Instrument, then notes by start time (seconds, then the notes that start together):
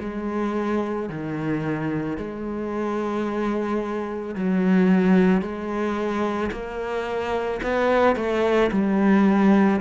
cello
0.00 G#3
1.09 D#3
2.17 G#3
4.35 F#3
5.41 G#3
6.52 A#3
7.63 B3
8.16 A3
8.72 G3